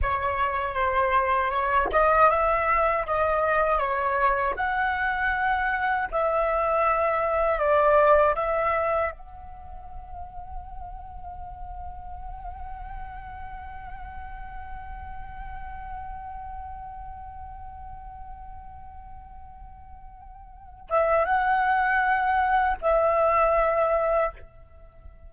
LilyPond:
\new Staff \with { instrumentName = "flute" } { \time 4/4 \tempo 4 = 79 cis''4 c''4 cis''8 dis''8 e''4 | dis''4 cis''4 fis''2 | e''2 d''4 e''4 | fis''1~ |
fis''1~ | fis''1~ | fis''2.~ fis''8 e''8 | fis''2 e''2 | }